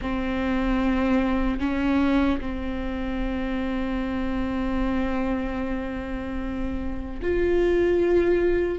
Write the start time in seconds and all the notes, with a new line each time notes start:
0.01 C4
1.59 C#4
2.40 C4
7.22 F4